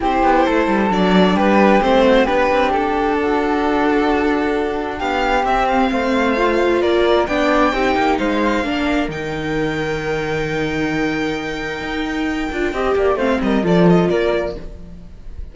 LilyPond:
<<
  \new Staff \with { instrumentName = "violin" } { \time 4/4 \tempo 4 = 132 c''2 d''4 b'4 | c''4 b'4 a'2~ | a'2. f''4 | e''8 f''2~ f''8 d''4 |
g''2 f''2 | g''1~ | g''1~ | g''4 f''8 dis''8 d''8 dis''8 d''4 | }
  \new Staff \with { instrumentName = "flute" } { \time 4/4 g'4 a'2 g'4~ | g'8 fis'8 g'2 fis'4~ | fis'2. g'4~ | g'4 c''2 ais'4 |
d''4 g'4 c''4 ais'4~ | ais'1~ | ais'1 | dis''8 d''8 c''8 ais'8 a'4 ais'4 | }
  \new Staff \with { instrumentName = "viola" } { \time 4/4 e'2 d'2 | c'4 d'2.~ | d'1 | c'2 f'2 |
d'4 dis'2 d'4 | dis'1~ | dis'2.~ dis'8 f'8 | g'4 c'4 f'2 | }
  \new Staff \with { instrumentName = "cello" } { \time 4/4 c'8 b8 a8 g8 fis4 g4 | a4 b8 c'8 d'2~ | d'2. b4 | c'4 a2 ais4 |
b4 c'8 ais8 gis4 ais4 | dis1~ | dis2 dis'4. d'8 | c'8 ais8 a8 g8 f4 ais4 | }
>>